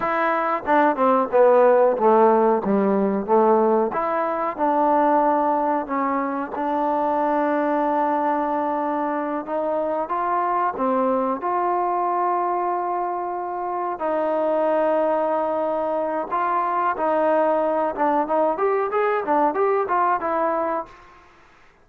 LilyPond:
\new Staff \with { instrumentName = "trombone" } { \time 4/4 \tempo 4 = 92 e'4 d'8 c'8 b4 a4 | g4 a4 e'4 d'4~ | d'4 cis'4 d'2~ | d'2~ d'8 dis'4 f'8~ |
f'8 c'4 f'2~ f'8~ | f'4. dis'2~ dis'8~ | dis'4 f'4 dis'4. d'8 | dis'8 g'8 gis'8 d'8 g'8 f'8 e'4 | }